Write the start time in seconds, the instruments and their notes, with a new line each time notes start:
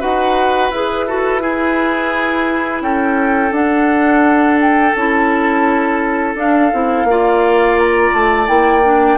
0.00 bassoon D#4, clarinet F#4, oboe B4, flute F#5
0.70 bassoon E4, clarinet G#4, flute B4
1.07 clarinet F#4, oboe A4
1.40 clarinet E4, oboe G#4
2.81 bassoon C#4, oboe A4, flute G5
3.51 bassoon D4, clarinet D4, flute F#5
4.60 flute G5
4.95 bassoon C#4, clarinet E4, flute A5
6.35 bassoon D4, clarinet D4, flute F5
6.73 bassoon C4, clarinet E4
7.04 bassoon A#3, clarinet F4
7.10 oboe D5
7.79 flute A#5
8.14 bassoon A3, flute A5
8.47 bassoon A#3, clarinet E4, flute G5
8.84 clarinet D4